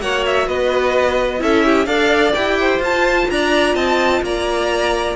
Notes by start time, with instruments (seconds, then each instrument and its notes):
0.00 cello A#3, viola F#4, violin C#5 F#5
0.26 violin E5
0.47 cello B3, violin B4 D#5
1.39 cello C#4, viola E4, violin A4 E5
1.65 violin G4
1.86 cello D4, viola A4, violin D5 F5
2.34 cello E4, viola G4, violin G5
2.60 violin C5
2.79 cello F4, viola F4, violin A5
3.30 cello D4, violin D5 A#5
3.74 cello C4, violin D#5 A5
4.22 cello A#3, violin D5 A#5